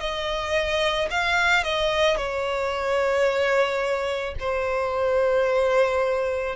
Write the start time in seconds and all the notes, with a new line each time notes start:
0.00 D#5
1.10 F5
1.64 D#5
2.17 C#5
4.40 C5